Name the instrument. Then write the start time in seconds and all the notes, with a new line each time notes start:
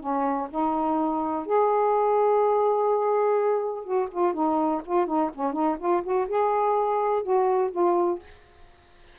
saxophone
0.00 C#4
0.50 D#4
1.46 G#4
3.84 F#4
4.11 F4
4.33 D#4
4.85 F4
5.06 D#4
5.34 C#4
5.53 D#4
5.78 F4
6.03 F#4
6.28 G#4
7.22 F#4
7.71 F4